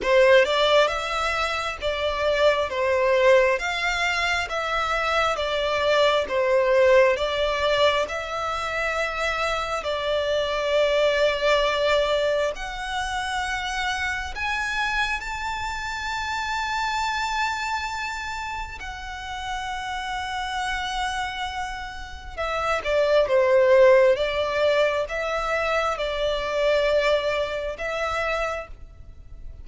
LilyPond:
\new Staff \with { instrumentName = "violin" } { \time 4/4 \tempo 4 = 67 c''8 d''8 e''4 d''4 c''4 | f''4 e''4 d''4 c''4 | d''4 e''2 d''4~ | d''2 fis''2 |
gis''4 a''2.~ | a''4 fis''2.~ | fis''4 e''8 d''8 c''4 d''4 | e''4 d''2 e''4 | }